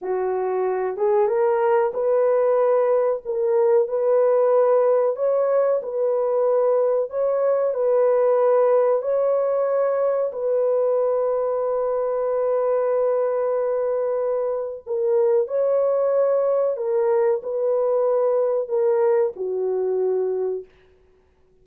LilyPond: \new Staff \with { instrumentName = "horn" } { \time 4/4 \tempo 4 = 93 fis'4. gis'8 ais'4 b'4~ | b'4 ais'4 b'2 | cis''4 b'2 cis''4 | b'2 cis''2 |
b'1~ | b'2. ais'4 | cis''2 ais'4 b'4~ | b'4 ais'4 fis'2 | }